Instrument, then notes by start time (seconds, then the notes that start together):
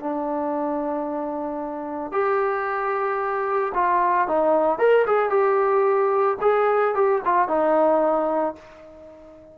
trombone
0.00 D4
2.12 G4
3.75 F4
4.28 D#4
4.79 A#4
5.07 G#4
5.30 G4
6.42 G#4
6.95 G4
7.25 F4
7.49 D#4